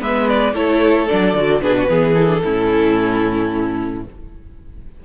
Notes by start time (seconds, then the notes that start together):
0.00 G#3 B3 B4 E5
0.29 D5
0.54 A3 E4 A4 C#5
1.08 F#3 D4 D5
1.34 D3 F#4
1.61 B2 D4 G#4 B4
1.77 F#4
1.89 E3 B3 G#4
2.14 E4 A4
2.27 D4
2.44 A2 C#4 E4